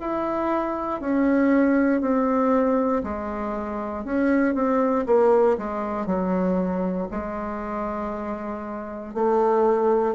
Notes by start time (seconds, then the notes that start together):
0.00 E4
1.00 C#4
2.01 C4
3.03 G#3
4.05 C#4
4.54 C4
5.06 A#3
5.57 G#3
6.06 F#3
7.11 G#3
9.14 A3